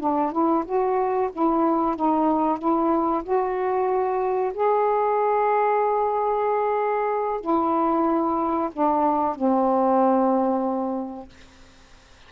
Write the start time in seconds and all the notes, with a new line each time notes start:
0.00 D4
0.32 E4
0.65 F#4
1.33 E4
1.96 D#4
2.58 E4
3.23 F#4
4.54 G#4
7.41 E4
8.73 D4
9.35 C4